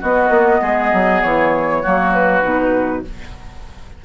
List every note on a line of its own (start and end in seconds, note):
0.00 0.29 B3
0.00 1.83 B3
0.00 0.61 F#4
0.00 1.22 D#5
0.29 0.59 A#3
0.61 0.92 G#3
0.61 1.82 G#4
0.93 1.23 F#3
1.22 1.84 E3
1.22 2.13 C#5
1.82 2.43 F#3
1.82 2.42 A#3
1.82 3.03 F#4
2.14 3.05 B4
2.42 3.03 B2
2.42 3.03 D#4